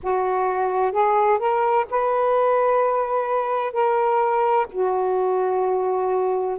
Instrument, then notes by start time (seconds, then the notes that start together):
saxophone
0.03 F#4
0.92 G#4
1.38 A#4
1.90 B4
3.72 A#4
4.71 F#4